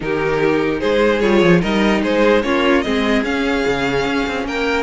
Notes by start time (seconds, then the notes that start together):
0.00 D#3 D#4 G4 A#4
0.80 G#3 G#4 C5
1.20 G3 F4 C#5
1.42 F3
1.61 G3 D#4 A#4 D#5
2.02 G#3 G#4 C5
2.42 A#3 C#4 F4 C#5
2.81 G#3 C4 G#4 D#5
3.23 C#4 F5
3.66 C#3
4.05 C#4
4.26 C4
4.44 A#3 A#4 G5